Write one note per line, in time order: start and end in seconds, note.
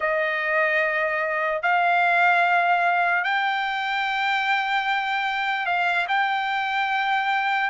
0.00 1.62 D#5
1.62 3.24 F5
3.24 5.65 G5
5.65 6.06 F5
6.07 7.70 G5